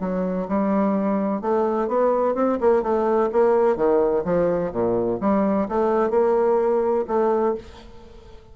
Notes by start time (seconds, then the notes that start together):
0.00 F#3
0.48 G3
1.41 A3
1.87 B3
2.34 C4
2.60 A#3
2.83 A3
3.32 A#3
3.76 D#3
4.24 F3
4.72 A#2
5.21 G3
5.68 A3
6.10 A#3
7.07 A3